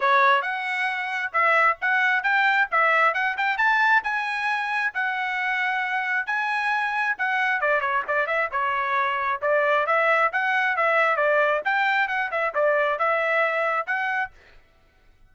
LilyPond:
\new Staff \with { instrumentName = "trumpet" } { \time 4/4 \tempo 4 = 134 cis''4 fis''2 e''4 | fis''4 g''4 e''4 fis''8 g''8 | a''4 gis''2 fis''4~ | fis''2 gis''2 |
fis''4 d''8 cis''8 d''8 e''8 cis''4~ | cis''4 d''4 e''4 fis''4 | e''4 d''4 g''4 fis''8 e''8 | d''4 e''2 fis''4 | }